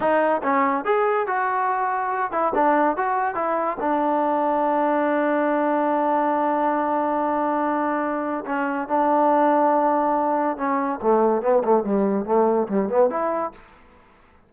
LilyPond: \new Staff \with { instrumentName = "trombone" } { \time 4/4 \tempo 4 = 142 dis'4 cis'4 gis'4 fis'4~ | fis'4. e'8 d'4 fis'4 | e'4 d'2.~ | d'1~ |
d'1 | cis'4 d'2.~ | d'4 cis'4 a4 b8 a8 | g4 a4 g8 b8 e'4 | }